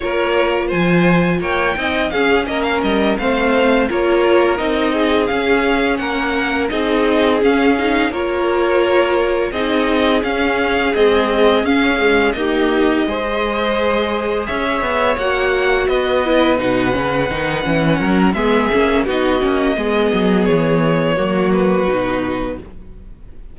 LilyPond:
<<
  \new Staff \with { instrumentName = "violin" } { \time 4/4 \tempo 4 = 85 cis''4 gis''4 g''4 f''8 dis''16 f''16 | dis''8 f''4 cis''4 dis''4 f''8~ | f''8 fis''4 dis''4 f''4 cis''8~ | cis''4. dis''4 f''4 dis''8~ |
dis''8 f''4 dis''2~ dis''8~ | dis''8 e''4 fis''4 dis''4 fis''8~ | fis''2 e''4 dis''4~ | dis''4 cis''4. b'4. | }
  \new Staff \with { instrumentName = "violin" } { \time 4/4 ais'4 c''4 cis''8 dis''8 gis'8 ais'8~ | ais'8 c''4 ais'4. gis'4~ | gis'8 ais'4 gis'2 ais'8~ | ais'4. gis'2~ gis'8~ |
gis'4. g'4 c''4.~ | c''8 cis''2 b'4.~ | b'4. ais'8 gis'4 fis'4 | gis'2 fis'2 | }
  \new Staff \with { instrumentName = "viola" } { \time 4/4 f'2~ f'8 dis'8 cis'4~ | cis'8 c'4 f'4 dis'4 cis'8~ | cis'4. dis'4 cis'8 dis'8 f'8~ | f'4. dis'4 cis'4 gis8~ |
gis8 cis'8 gis8 ais4 gis'4.~ | gis'4. fis'4. e'8 dis'8 | cis'8 dis'8 cis'4 b8 cis'8 dis'8 cis'8 | b2 ais4 dis'4 | }
  \new Staff \with { instrumentName = "cello" } { \time 4/4 ais4 f4 ais8 c'8 cis'8 ais8 | g8 a4 ais4 c'4 cis'8~ | cis'8 ais4 c'4 cis'4 ais8~ | ais4. c'4 cis'4 c'8~ |
c'8 cis'4 dis'4 gis4.~ | gis8 cis'8 b8 ais4 b4 b,8 | cis8 dis8 e8 fis8 gis8 ais8 b8 ais8 | gis8 fis8 e4 fis4 b,4 | }
>>